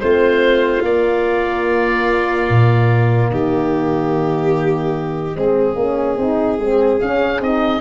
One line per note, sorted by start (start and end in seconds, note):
0.00 0.82 A3
0.00 0.84 C4
0.00 3.31 F4
0.00 0.82 C5
0.82 2.47 A#3
0.82 5.35 A#3
0.82 3.31 D5
2.49 3.31 A#2
3.31 5.36 D#3
3.31 5.37 G4
3.31 7.00 D#5
5.35 5.75 G#3
5.35 5.77 C4
5.35 7.80 G#4
5.75 6.16 A#3
5.75 6.18 C#4
6.17 6.58 C4
6.17 6.59 D#4
6.58 6.99 G#3
6.58 7.00 C4
7.00 7.40 C#4
7.00 7.41 F5
7.40 7.80 C4
7.40 7.80 D#4
7.40 7.80 D#5